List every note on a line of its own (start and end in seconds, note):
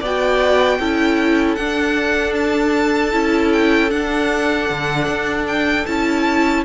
0.00 0.79 B3
0.00 0.81 F#4
0.00 0.78 D5
0.00 1.55 G5
0.79 1.57 C#4
0.79 1.58 E4
0.79 6.64 A4
1.55 3.12 D4
1.55 3.13 D4
1.55 2.33 F#5
2.35 3.52 A5
3.12 3.91 C#4
3.12 3.89 E4
3.52 3.90 G5
3.89 5.84 D4
3.89 4.69 D4
3.89 5.46 F#5
4.70 5.07 D3
5.07 5.85 D4
5.48 5.86 G5
5.86 6.64 C#4
5.86 6.64 E4
5.86 6.64 A5